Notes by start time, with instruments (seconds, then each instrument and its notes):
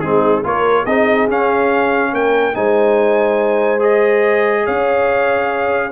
0.00 tuba G#3, trombone C4, horn D#4, trumpet G#4
0.43 tuba A#3, trombone F4, horn A#4, trumpet C#5
0.83 tuba C4, trombone D#4, horn G#4, trumpet D#5
1.28 tuba C#4, trombone C#4, trumpet F5
2.13 tuba A#3, horn A#4, trumpet G5
2.53 tuba G#3, trombone D#4, horn C5, trumpet G#5
3.79 trombone G#4, trumpet D#5
4.64 tuba C#4, horn C#5, trumpet F5